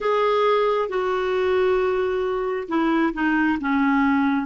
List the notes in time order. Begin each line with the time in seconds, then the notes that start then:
0.00 G#4
0.88 F#4
2.68 E4
3.13 D#4
3.60 C#4